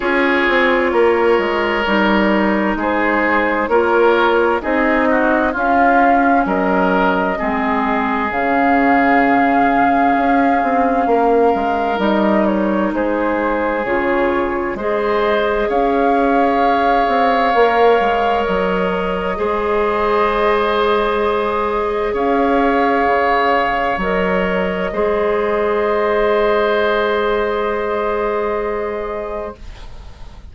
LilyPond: <<
  \new Staff \with { instrumentName = "flute" } { \time 4/4 \tempo 4 = 65 cis''2. c''4 | cis''4 dis''4 f''4 dis''4~ | dis''4 f''2.~ | f''4 dis''8 cis''8 c''4 cis''4 |
dis''4 f''2. | dis''1 | f''2 dis''2~ | dis''1 | }
  \new Staff \with { instrumentName = "oboe" } { \time 4/4 gis'4 ais'2 gis'4 | ais'4 gis'8 fis'8 f'4 ais'4 | gis'1 | ais'2 gis'2 |
c''4 cis''2.~ | cis''4 c''2. | cis''2. c''4~ | c''1 | }
  \new Staff \with { instrumentName = "clarinet" } { \time 4/4 f'2 dis'2 | f'4 dis'4 cis'2 | c'4 cis'2.~ | cis'4 dis'2 f'4 |
gis'2. ais'4~ | ais'4 gis'2.~ | gis'2 ais'4 gis'4~ | gis'1 | }
  \new Staff \with { instrumentName = "bassoon" } { \time 4/4 cis'8 c'8 ais8 gis8 g4 gis4 | ais4 c'4 cis'4 fis4 | gis4 cis2 cis'8 c'8 | ais8 gis8 g4 gis4 cis4 |
gis4 cis'4. c'8 ais8 gis8 | fis4 gis2. | cis'4 cis4 fis4 gis4~ | gis1 | }
>>